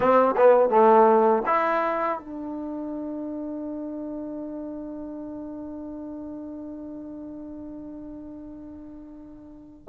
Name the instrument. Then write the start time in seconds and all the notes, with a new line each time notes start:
trombone
0.00 C4
0.37 B3
0.70 A3
1.46 E4
2.19 D4